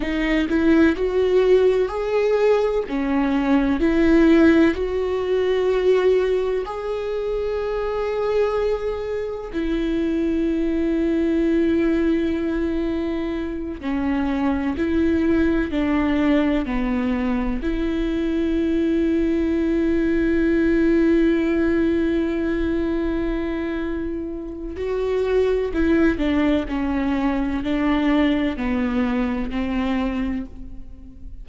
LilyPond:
\new Staff \with { instrumentName = "viola" } { \time 4/4 \tempo 4 = 63 dis'8 e'8 fis'4 gis'4 cis'4 | e'4 fis'2 gis'4~ | gis'2 e'2~ | e'2~ e'8 cis'4 e'8~ |
e'8 d'4 b4 e'4.~ | e'1~ | e'2 fis'4 e'8 d'8 | cis'4 d'4 b4 c'4 | }